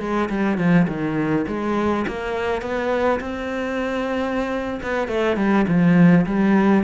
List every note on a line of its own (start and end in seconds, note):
0.00 0.29 G#3
0.30 0.58 G3
0.58 0.87 F3
0.88 1.46 D#3
1.48 2.06 G#3
2.08 2.62 A#3
2.62 3.20 B3
3.20 4.81 C4
4.83 5.08 B3
5.08 5.37 A3
5.37 5.66 G3
5.68 6.26 F3
6.26 6.84 G3